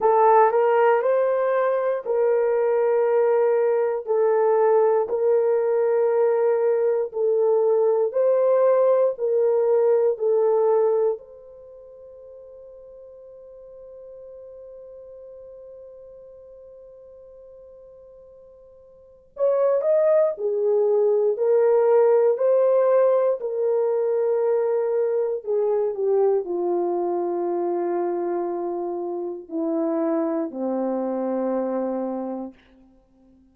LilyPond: \new Staff \with { instrumentName = "horn" } { \time 4/4 \tempo 4 = 59 a'8 ais'8 c''4 ais'2 | a'4 ais'2 a'4 | c''4 ais'4 a'4 c''4~ | c''1~ |
c''2. cis''8 dis''8 | gis'4 ais'4 c''4 ais'4~ | ais'4 gis'8 g'8 f'2~ | f'4 e'4 c'2 | }